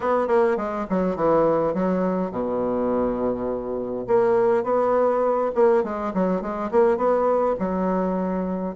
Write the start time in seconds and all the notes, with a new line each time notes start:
0.00 B3
0.27 A#3
0.57 G#3
0.89 F#3
1.15 E3
1.73 F#3
2.31 B2
4.07 A#3
4.63 B3
5.54 A#3
5.83 G#3
6.14 F#3
6.41 G#3
6.71 A#3
6.97 B3
7.59 F#3